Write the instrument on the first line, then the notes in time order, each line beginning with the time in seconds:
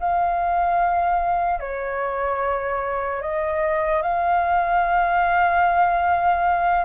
flute
0.00 F5
1.60 C#5
3.21 D#5
4.02 F5